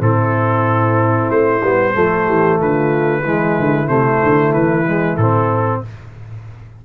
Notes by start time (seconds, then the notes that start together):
0.00 A2 C4 E4 A4
1.30 A3 C5
1.62 G3 B3
1.94 F3 A3 A4
2.26 E3 G4
2.60 D3 F4 B4
3.22 E3 G#3 E4
3.59 D3
3.87 C3 A3 C5
4.23 D3
4.53 E3 B4
4.87 G#3
5.17 A2 C4 A4